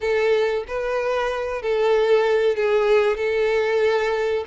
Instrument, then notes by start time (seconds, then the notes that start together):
violin
0.00 A4
0.67 B4
1.62 A4
2.56 G#4
3.16 A4